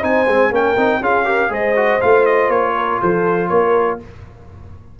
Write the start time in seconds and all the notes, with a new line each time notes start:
0.00 C4 D#4 C5 G#5
0.26 G#3 C4
0.50 A#3 C#4 A#4 G5
0.76 C4 D#4
1.00 C#4 F4 G#4 F5
1.25 G4 A#4
1.49 G#3 G#4 C5 D#5
1.76 F#4
2.01 A3 F4 F5
2.25 D#5
2.48 A#3 C#5
2.76 A#4
3.01 F3 A4 C5
3.48 A#3 A#4 C#5